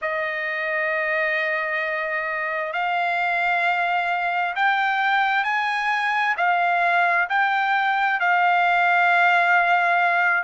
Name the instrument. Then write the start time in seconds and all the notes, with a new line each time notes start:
trumpet
0.01 D#5
2.73 F5
4.55 G5
5.44 G#5
6.37 F5
7.29 G5
8.20 F5